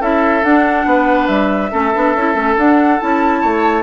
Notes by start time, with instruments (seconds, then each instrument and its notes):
0.00 bassoon C#4, clarinet E4, oboe A4, flute E5
0.43 bassoon D4, clarinet D4, flute F#5
0.85 bassoon B3, oboe B4
1.27 bassoon G3, flute E5
1.70 bassoon A3, clarinet C#4, oboe A4
1.94 bassoon B3, clarinet D4
2.16 bassoon C#4, clarinet E4
2.34 bassoon A3, clarinet C#4
2.57 bassoon D4, clarinet D4, flute F#5
3.00 bassoon C#4, clarinet E4, flute A5
3.41 bassoon A3, oboe C#5